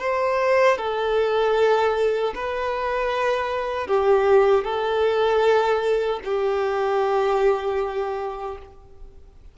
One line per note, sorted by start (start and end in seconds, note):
0.00 0.78 C5
0.78 2.34 A4
2.35 3.87 B4
3.87 4.64 G4
4.64 6.20 A4
6.25 8.59 G4